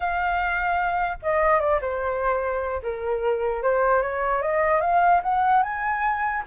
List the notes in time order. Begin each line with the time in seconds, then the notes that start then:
0.00 F5
1.22 D#5
1.60 D5
1.81 C5
2.82 A#4
3.62 C5
4.02 C#5
4.41 D#5
4.80 F5
5.22 F#5
5.63 G#5